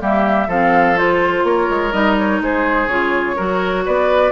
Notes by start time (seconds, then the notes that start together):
0.00 G3 A#3 G4 E5
0.48 F3 C4 A4 F5
0.97 F4 C5
1.44 A#3 A#4 C#5
1.70 G#3
1.92 G3 D#4 D#5
2.18 C#5
2.41 G#3 G#4 C5
2.87 C#3 F4 C#5
3.37 F#3 F#4 A#4
3.86 B3 B4 D5